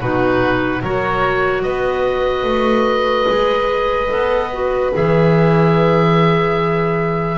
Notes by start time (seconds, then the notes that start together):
0.00 B2 D#4 F#4 B4
0.81 F#3 F#4 A#4 C#5
1.62 B3 B4 D#5
2.43 A3
3.28 G#3 G#4
4.08 B3 A4
4.53 F#4
4.92 E3 G#4 E5